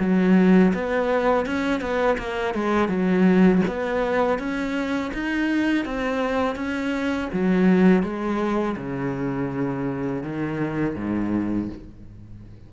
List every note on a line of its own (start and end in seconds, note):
0.00 0.73 F#3
0.74 1.46 B3
1.46 1.81 C#4
1.81 2.18 B3
2.18 2.55 A#3
2.55 2.89 G#3
2.89 3.62 F#3
3.68 4.39 B3
4.39 5.12 C#4
5.14 5.85 D#4
5.85 6.56 C4
6.56 7.29 C#4
7.33 8.03 F#3
8.03 8.76 G#3
8.77 10.23 C#3
10.24 10.96 D#3
10.96 11.69 G#2